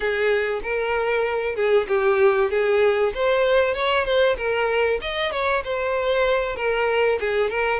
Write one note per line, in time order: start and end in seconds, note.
0.00 0.61 G#4
0.62 1.55 A#4
1.55 1.86 G#4
1.88 2.50 G4
2.50 3.12 G#4
3.14 3.74 C5
3.74 4.05 C#5
4.05 4.36 C5
4.37 4.99 A#4
5.01 5.31 D#5
5.31 5.62 C#5
5.64 6.56 C5
6.56 7.18 A#4
7.20 7.50 G#4
7.50 7.80 A#4